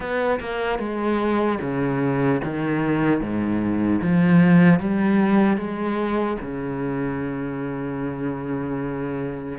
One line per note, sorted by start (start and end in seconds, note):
0.00 0.39 B3
0.40 0.79 A#3
0.79 1.59 G#3
1.61 2.41 C#3
2.44 3.20 D#3
3.20 4.00 G#2
4.01 4.79 F3
4.79 5.57 G3
5.57 6.37 G#3
6.41 9.58 C#3